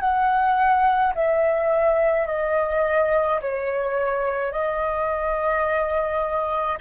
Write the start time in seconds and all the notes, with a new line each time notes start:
0.00 F#5
1.15 E5
2.27 D#5
3.41 C#5
4.52 D#5